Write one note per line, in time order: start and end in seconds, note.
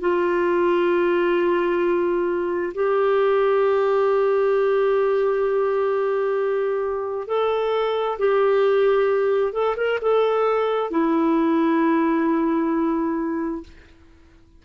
0.00 2.73 F4
2.74 7.27 G4
7.27 8.18 A4
8.18 9.52 G4
9.52 9.75 A4
9.76 9.99 A#4
10.01 10.90 A4
10.90 13.63 E4